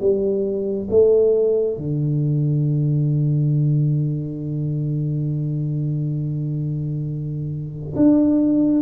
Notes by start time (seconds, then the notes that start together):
0.00 G3
0.90 A3
1.77 D3
7.96 D4